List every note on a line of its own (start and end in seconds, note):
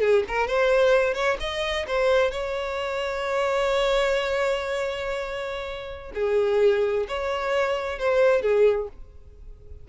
0.00 0.23 G#4
0.28 0.47 A#4
0.47 1.13 C5
1.13 1.37 C#5
1.40 1.86 D#5
1.87 2.31 C5
2.31 6.12 C#5
6.14 7.06 G#4
7.08 7.98 C#5
7.98 8.41 C5
8.41 8.88 G#4